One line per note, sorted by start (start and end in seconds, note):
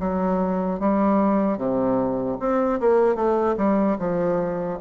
0.00 0.80 F#3
0.80 1.58 G3
1.58 2.38 C3
2.40 2.80 C4
2.80 3.15 A#3
3.15 3.55 A3
3.57 3.97 G3
3.99 4.79 F3